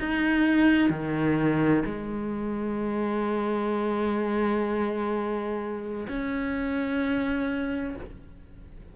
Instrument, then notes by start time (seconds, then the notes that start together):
cello
0.00 D#4
0.90 D#3
1.86 G#3
6.09 C#4